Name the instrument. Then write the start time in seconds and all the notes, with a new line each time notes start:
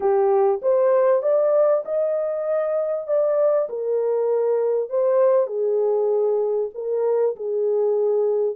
horn
0.00 G4
0.62 C5
1.22 D5
1.85 D#5
3.07 D5
3.69 A#4
4.89 C5
5.47 G#4
6.74 A#4
7.36 G#4